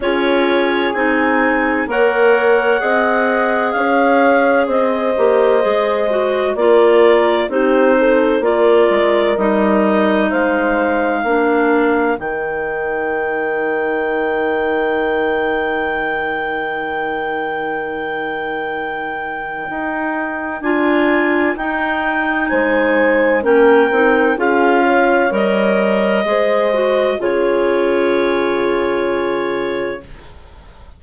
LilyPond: <<
  \new Staff \with { instrumentName = "clarinet" } { \time 4/4 \tempo 4 = 64 cis''4 gis''4 fis''2 | f''4 dis''2 d''4 | c''4 d''4 dis''4 f''4~ | f''4 g''2.~ |
g''1~ | g''2 gis''4 g''4 | gis''4 g''4 f''4 dis''4~ | dis''4 cis''2. | }
  \new Staff \with { instrumentName = "horn" } { \time 4/4 gis'2 cis''4 dis''4 | cis''4 c''2 ais'4 | g'8 a'8 ais'2 c''4 | ais'1~ |
ais'1~ | ais'1 | c''4 ais'4 gis'8 cis''4. | c''4 gis'2. | }
  \new Staff \with { instrumentName = "clarinet" } { \time 4/4 f'4 dis'4 ais'4 gis'4~ | gis'4. g'8 gis'8 fis'8 f'4 | dis'4 f'4 dis'2 | d'4 dis'2.~ |
dis'1~ | dis'2 f'4 dis'4~ | dis'4 cis'8 dis'8 f'4 ais'4 | gis'8 fis'8 f'2. | }
  \new Staff \with { instrumentName = "bassoon" } { \time 4/4 cis'4 c'4 ais4 c'4 | cis'4 c'8 ais8 gis4 ais4 | c'4 ais8 gis8 g4 gis4 | ais4 dis2.~ |
dis1~ | dis4 dis'4 d'4 dis'4 | gis4 ais8 c'8 cis'4 g4 | gis4 cis2. | }
>>